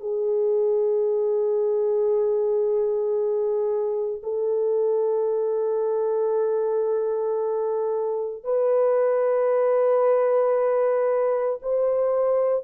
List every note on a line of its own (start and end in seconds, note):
0.00 4.21 G#4
4.23 8.44 A4
8.44 11.59 B4
11.62 12.64 C5